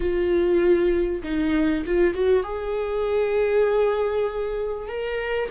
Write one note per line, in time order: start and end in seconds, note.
0.00 1.22 F4
1.23 1.84 D#4
1.85 2.14 F4
2.14 2.43 F#4
2.43 4.88 G#4
4.88 5.49 A#4